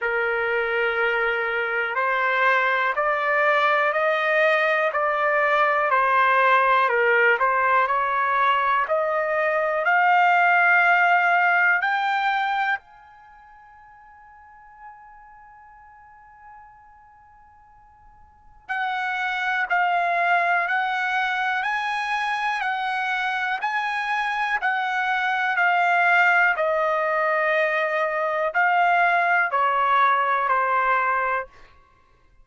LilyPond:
\new Staff \with { instrumentName = "trumpet" } { \time 4/4 \tempo 4 = 61 ais'2 c''4 d''4 | dis''4 d''4 c''4 ais'8 c''8 | cis''4 dis''4 f''2 | g''4 gis''2.~ |
gis''2. fis''4 | f''4 fis''4 gis''4 fis''4 | gis''4 fis''4 f''4 dis''4~ | dis''4 f''4 cis''4 c''4 | }